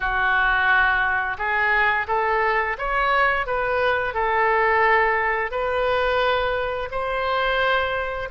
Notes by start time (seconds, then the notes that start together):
0.00 F#4
1.38 G#4
2.07 A4
2.78 C#5
3.46 B4
4.14 A4
5.51 B4
6.91 C5